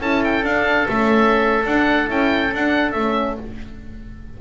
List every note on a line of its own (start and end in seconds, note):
0.00 0.43 C#4
0.00 0.44 E4
0.00 3.40 A4
0.00 0.24 A5
0.24 0.45 G5
0.43 0.87 D4
0.43 0.88 D4
0.43 0.89 F5
0.88 1.65 A3
0.88 1.65 C#4
0.88 1.65 E5
1.66 2.09 D4
1.66 2.07 D4
1.66 2.10 F#5
2.07 2.53 C#4
2.07 2.51 E4
2.07 2.55 G5
2.53 2.96 D4
2.53 2.94 D4
2.53 2.92 F#5
2.92 3.38 A3
2.92 3.41 C#4
2.92 3.36 E5